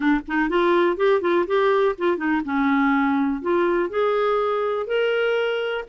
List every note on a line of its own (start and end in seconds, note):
0.00 0.20 D4
0.27 0.49 D#4
0.49 0.96 F4
0.96 1.21 G4
1.21 1.45 F4
1.46 1.95 G4
1.98 2.17 F4
2.17 2.41 D#4
2.44 3.41 C#4
3.41 3.89 F4
3.89 4.86 G#4
4.86 5.84 A#4